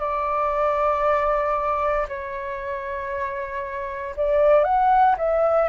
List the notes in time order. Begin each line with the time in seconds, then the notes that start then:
0.00 D5
2.09 C#5
4.17 D5
4.64 F#5
5.18 E5